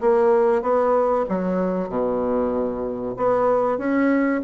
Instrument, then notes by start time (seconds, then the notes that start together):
bassoon
0.00 A#3
0.62 B3
1.28 F#3
1.89 B2
3.17 B3
3.78 C#4